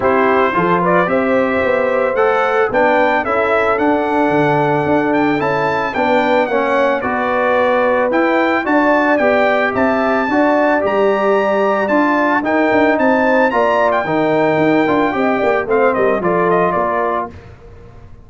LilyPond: <<
  \new Staff \with { instrumentName = "trumpet" } { \time 4/4 \tempo 4 = 111 c''4. d''8 e''2 | fis''4 g''4 e''4 fis''4~ | fis''4. g''8 a''4 g''4 | fis''4 d''2 g''4 |
a''4 g''4 a''2 | ais''2 a''4 g''4 | a''4 ais''8. g''2~ g''16~ | g''4 f''8 dis''8 d''8 dis''8 d''4 | }
  \new Staff \with { instrumentName = "horn" } { \time 4/4 g'4 a'8 b'8 c''2~ | c''4 b'4 a'2~ | a'2. b'4 | cis''4 b'2. |
d''2 e''4 d''4~ | d''2. ais'4 | c''4 d''4 ais'2 | dis''8 d''8 c''8 ais'8 a'4 ais'4 | }
  \new Staff \with { instrumentName = "trombone" } { \time 4/4 e'4 f'4 g'2 | a'4 d'4 e'4 d'4~ | d'2 e'4 d'4 | cis'4 fis'2 e'4 |
fis'4 g'2 fis'4 | g'2 f'4 dis'4~ | dis'4 f'4 dis'4. f'8 | g'4 c'4 f'2 | }
  \new Staff \with { instrumentName = "tuba" } { \time 4/4 c'4 f4 c'4 b4 | a4 b4 cis'4 d'4 | d4 d'4 cis'4 b4 | ais4 b2 e'4 |
d'4 b4 c'4 d'4 | g2 d'4 dis'8 d'8 | c'4 ais4 dis4 dis'8 d'8 | c'8 ais8 a8 g8 f4 ais4 | }
>>